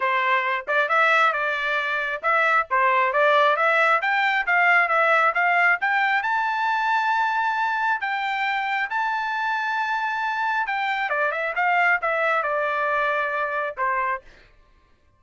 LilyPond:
\new Staff \with { instrumentName = "trumpet" } { \time 4/4 \tempo 4 = 135 c''4. d''8 e''4 d''4~ | d''4 e''4 c''4 d''4 | e''4 g''4 f''4 e''4 | f''4 g''4 a''2~ |
a''2 g''2 | a''1 | g''4 d''8 e''8 f''4 e''4 | d''2. c''4 | }